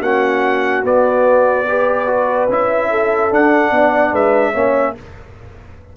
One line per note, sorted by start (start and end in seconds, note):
0.00 0.82 A#3
0.00 0.83 C#4
0.00 1.66 F#4
0.00 0.84 F#5
0.83 2.47 B3
0.83 1.65 B3
0.83 2.50 D5
1.68 2.07 G4
1.68 2.91 B4
2.07 2.48 F#4
2.49 3.31 C#4
2.49 3.31 E4
2.49 3.34 E5
2.91 3.73 A4
3.31 3.71 D4
3.31 4.54 D4
3.31 4.15 F#5
3.71 4.12 B3
3.71 4.12 D5
4.12 4.53 G#3
4.12 4.52 B4
4.12 4.97 E5
4.52 4.96 A#3
4.52 4.95 C#4
4.52 4.93 C#5